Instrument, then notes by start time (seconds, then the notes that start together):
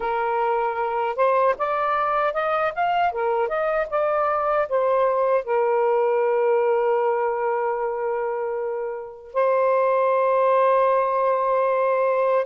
saxophone
0.00 A#4
1.15 C5
1.58 D5
2.33 D#5
2.74 F5
3.12 A#4
3.48 D#5
3.90 D5
4.68 C5
5.44 A#4
9.33 C5